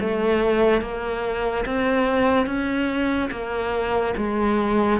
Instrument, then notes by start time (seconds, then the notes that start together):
cello
0.00 A3
0.81 A#3
1.65 C4
2.46 C#4
3.31 A#3
4.17 G#3